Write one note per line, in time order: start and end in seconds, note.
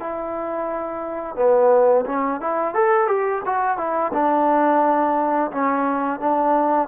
0.00 1.36 E4
1.36 2.05 B3
2.06 2.41 C#4
2.41 2.75 E4
2.75 3.08 A4
3.08 3.42 G4
3.46 3.78 F#4
3.78 4.12 E4
4.13 5.51 D4
5.52 6.20 C#4
6.20 6.89 D4